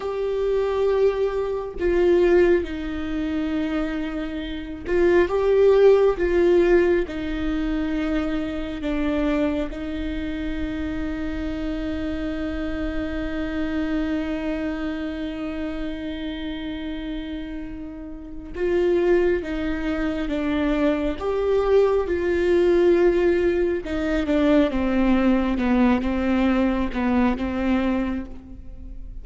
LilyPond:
\new Staff \with { instrumentName = "viola" } { \time 4/4 \tempo 4 = 68 g'2 f'4 dis'4~ | dis'4. f'8 g'4 f'4 | dis'2 d'4 dis'4~ | dis'1~ |
dis'1~ | dis'4 f'4 dis'4 d'4 | g'4 f'2 dis'8 d'8 | c'4 b8 c'4 b8 c'4 | }